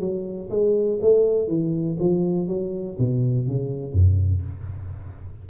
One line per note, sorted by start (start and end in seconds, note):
0.00 0.50 F#3
0.50 0.99 G#3
1.01 1.48 A3
1.48 1.97 E3
2.00 2.47 F3
2.47 2.97 F#3
2.99 3.48 B2
3.48 3.93 C#3
3.93 4.42 F#2